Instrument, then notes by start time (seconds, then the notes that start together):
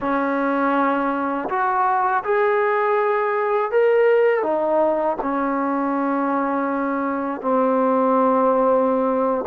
trombone
0.00 C#4
1.49 F#4
2.24 G#4
3.71 A#4
4.42 D#4
5.21 C#4
7.41 C4